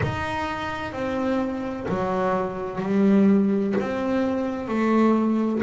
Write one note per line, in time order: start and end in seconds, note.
0.02 0.92 D#4
0.92 1.86 C4
1.88 2.80 F#3
2.80 3.74 G3
3.80 4.67 C4
4.67 5.61 A3